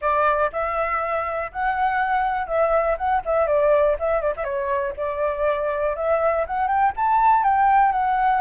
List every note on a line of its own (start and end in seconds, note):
0.01 0.50 D5
0.52 1.51 E5
1.52 2.47 F#5
2.47 2.96 E5
2.97 3.22 F#5
3.25 3.46 E5
3.46 3.96 D5
3.99 4.21 E5
4.21 4.33 D5
4.36 4.44 E5
4.44 4.93 C#5
4.97 5.95 D5
5.95 6.45 E5
6.47 6.67 F#5
6.67 6.92 G5
6.96 7.43 A5
7.43 7.92 G5
7.92 8.41 F#5